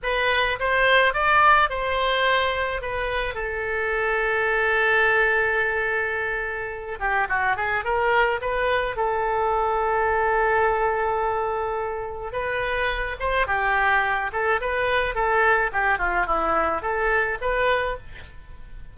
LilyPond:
\new Staff \with { instrumentName = "oboe" } { \time 4/4 \tempo 4 = 107 b'4 c''4 d''4 c''4~ | c''4 b'4 a'2~ | a'1~ | a'8 g'8 fis'8 gis'8 ais'4 b'4 |
a'1~ | a'2 b'4. c''8 | g'4. a'8 b'4 a'4 | g'8 f'8 e'4 a'4 b'4 | }